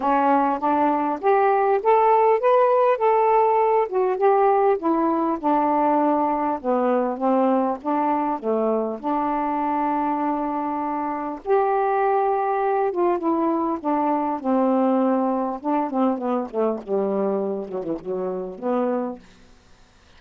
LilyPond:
\new Staff \with { instrumentName = "saxophone" } { \time 4/4 \tempo 4 = 100 cis'4 d'4 g'4 a'4 | b'4 a'4. fis'8 g'4 | e'4 d'2 b4 | c'4 d'4 a4 d'4~ |
d'2. g'4~ | g'4. f'8 e'4 d'4 | c'2 d'8 c'8 b8 a8 | g4. fis16 e16 fis4 b4 | }